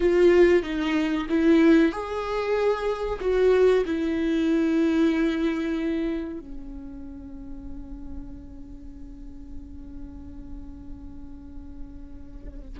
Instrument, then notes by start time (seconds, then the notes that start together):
viola
0.00 F4
0.62 D#4
1.29 E4
1.91 G#4
3.20 F#4
3.85 E4
6.39 C#4